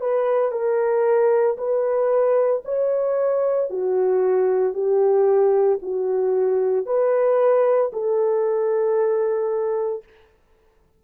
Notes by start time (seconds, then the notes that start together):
0.00 B4
0.51 A#4
1.57 B4
2.64 C#5
3.69 F#4
4.73 G4
5.82 F#4
6.86 B4
7.92 A4